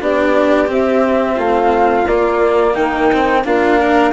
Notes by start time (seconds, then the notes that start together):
0.00 B3 D4 G4 D5
0.66 C4 E5
1.35 A3 F4 F5
2.06 A#3 D5
2.74 D#3 D#4 G5
3.12 C4
3.44 A#3 D4 F4 F5
3.79 A#4